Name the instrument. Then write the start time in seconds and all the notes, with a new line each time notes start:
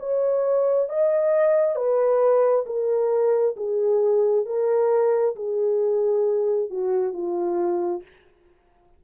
horn
0.00 C#5
0.90 D#5
1.76 B4
2.67 A#4
3.57 G#4
4.46 A#4
5.36 G#4
6.70 F#4
7.13 F4